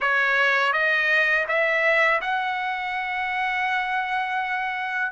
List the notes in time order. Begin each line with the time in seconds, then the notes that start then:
0.00 C#5
0.73 D#5
1.47 E5
2.21 F#5